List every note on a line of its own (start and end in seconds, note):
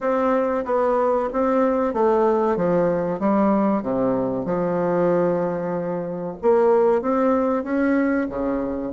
0.00 0.64 C4
0.65 1.29 B3
1.32 1.93 C4
1.93 2.56 A3
2.56 3.19 F3
3.19 3.82 G3
3.82 4.45 C3
4.45 6.36 F3
6.41 7.01 A#3
7.01 7.63 C4
7.63 8.27 C#4
8.29 8.92 C#3